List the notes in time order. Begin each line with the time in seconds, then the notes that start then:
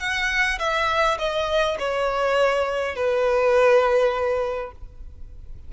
0.00 F#5
0.59 E5
1.19 D#5
1.79 C#5
2.96 B4